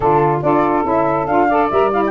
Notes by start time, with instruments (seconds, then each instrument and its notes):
0.00 tuba D3, saxophone D4 F4, flute A4
0.42 tuba D4, saxophone F4 A4, flute D5
0.84 tuba C#4, saxophone E4, flute E5
1.26 tuba D4, saxophone F4, flute F5
1.48 saxophone A4 D5
1.70 tuba G3, saxophone A#4, flute E5
1.92 saxophone E4, flute F5
2.06 flute G5